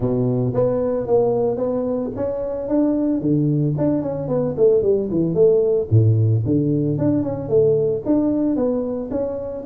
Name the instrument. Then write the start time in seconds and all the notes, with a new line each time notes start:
tuba
0.00 B2
0.54 B3
1.06 A#3
1.57 B3
2.16 C#4
2.68 D4
3.20 D3
3.77 D4
4.02 C#4
4.28 B3
4.56 A3
4.82 G3
5.10 E3
5.34 A3
5.90 A2
6.45 D3
6.98 D4
7.22 C#4
7.49 A3
8.05 D4
8.56 B3
9.10 C#4